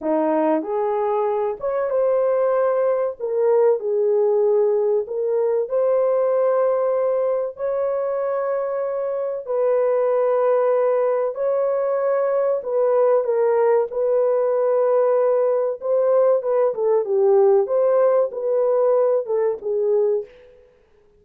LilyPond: \new Staff \with { instrumentName = "horn" } { \time 4/4 \tempo 4 = 95 dis'4 gis'4. cis''8 c''4~ | c''4 ais'4 gis'2 | ais'4 c''2. | cis''2. b'4~ |
b'2 cis''2 | b'4 ais'4 b'2~ | b'4 c''4 b'8 a'8 g'4 | c''4 b'4. a'8 gis'4 | }